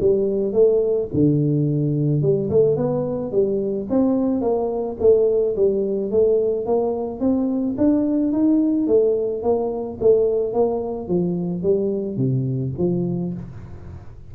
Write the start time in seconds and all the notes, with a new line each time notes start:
0.00 G3
0.52 A3
1.13 D3
2.22 G3
2.49 A3
2.76 B3
3.31 G3
3.89 C4
4.41 A#3
4.99 A3
5.56 G3
6.10 A3
6.65 A#3
7.19 C4
7.77 D4
8.32 D#4
8.87 A3
9.42 A#3
10.00 A3
10.53 A#3
11.08 F3
11.62 G3
12.16 C3
12.78 F3